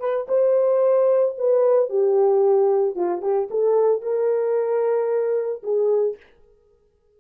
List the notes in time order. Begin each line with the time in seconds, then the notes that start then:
0.00 B4
0.28 C5
1.38 B4
1.89 G4
2.96 F4
3.22 G4
3.51 A4
4.02 A#4
5.63 G#4